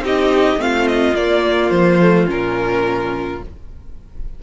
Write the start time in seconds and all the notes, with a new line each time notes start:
0.00 C4 D#4 G4 D#5
0.57 A3 C4 F4 F5
0.88 D#5
1.14 A#3 D5
1.70 F3 C5
2.02 A3
2.27 A#2 C#4 A#4